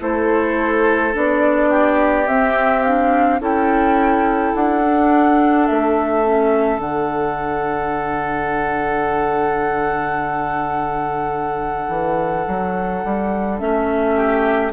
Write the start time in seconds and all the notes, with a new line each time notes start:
0.00 A3 E4 A4 C5
1.13 B3 D4 D5
1.70 G4
2.27 C4 E5
2.83 D4 F5
3.40 C#4 E4 A4 G5
4.56 D4 F#5
4.83 D4
5.67 A3 E5
6.24 C#4
6.79 D3 D4 F#5
11.89 E3
12.48 F#3
13.05 G3
13.59 A3 C#4 E5
14.16 G4